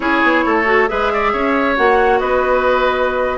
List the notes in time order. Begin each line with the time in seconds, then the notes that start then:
0.00 C#4 E4 G#4 C#5
0.23 B3
0.45 A3 A4
0.65 F#4
0.88 G#3 G#4 B4 E5
1.13 D5
1.32 C#4 C#5
1.76 A#3 F#4 F#5
2.19 B3 B4 D#5